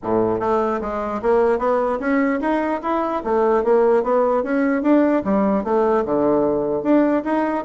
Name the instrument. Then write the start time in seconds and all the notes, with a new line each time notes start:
bassoon
0.02 A2
0.40 A3
0.81 G#3
1.22 A#3
1.58 B3
1.99 C#4
2.40 D#4
2.82 E4
3.24 A3
3.64 A#3
4.03 B3
4.43 C#4
4.82 D4
5.24 G3
5.64 A3
6.05 D3
6.82 D4
7.24 D#4